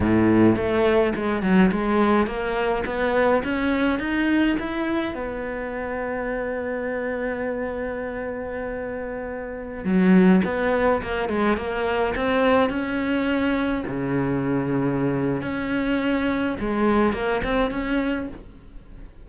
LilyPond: \new Staff \with { instrumentName = "cello" } { \time 4/4 \tempo 4 = 105 a,4 a4 gis8 fis8 gis4 | ais4 b4 cis'4 dis'4 | e'4 b2.~ | b1~ |
b4~ b16 fis4 b4 ais8 gis16~ | gis16 ais4 c'4 cis'4.~ cis'16~ | cis'16 cis2~ cis8. cis'4~ | cis'4 gis4 ais8 c'8 cis'4 | }